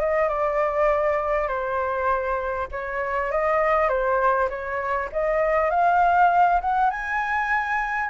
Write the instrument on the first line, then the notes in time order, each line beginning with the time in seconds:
flute
0.00 D#5
0.29 D5
1.48 C5
2.71 C#5
3.31 D#5
3.89 C5
4.49 C#5
5.12 D#5
5.70 F5
6.61 F#5
6.90 G#5